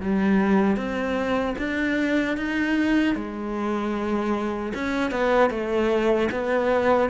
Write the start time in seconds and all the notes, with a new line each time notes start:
0.00 G3
0.76 C4
1.58 D4
2.37 D#4
3.15 G#3
4.74 C#4
5.10 B3
5.50 A3
6.31 B3